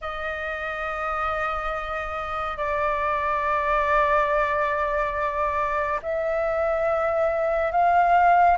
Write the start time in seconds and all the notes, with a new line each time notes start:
0.01 D#5
2.57 D5
6.02 E5
7.71 F5